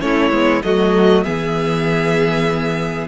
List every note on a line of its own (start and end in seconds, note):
0.00 0.31 A3
0.00 0.31 C#4
0.00 0.64 E4
0.00 0.62 C#5
0.31 0.61 G#3
0.31 0.61 B3
0.62 1.25 F#3
0.62 1.24 A3
0.62 1.24 F#4
0.62 1.24 D#5
1.24 3.08 E3
1.24 3.08 B3
1.24 3.07 G#4
1.24 3.07 E5